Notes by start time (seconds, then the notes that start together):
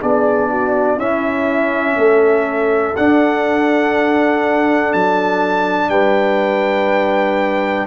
0.00 B3 D4 G#4 D5
0.50 F#4
0.96 C#4 E4 E5
1.97 A3 A4
2.96 D4 F#5
4.93 F#3 A5
5.89 G3 B4 G5